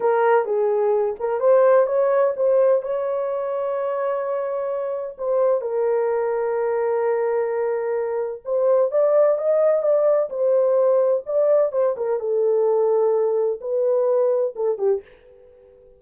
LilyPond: \new Staff \with { instrumentName = "horn" } { \time 4/4 \tempo 4 = 128 ais'4 gis'4. ais'8 c''4 | cis''4 c''4 cis''2~ | cis''2. c''4 | ais'1~ |
ais'2 c''4 d''4 | dis''4 d''4 c''2 | d''4 c''8 ais'8 a'2~ | a'4 b'2 a'8 g'8 | }